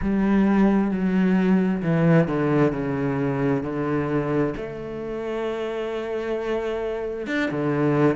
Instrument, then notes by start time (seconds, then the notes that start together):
cello
0.01 G3
0.90 F#3
1.82 E3
2.27 D3
2.72 C#3
3.63 D3
4.57 A3
7.26 D4
7.50 D3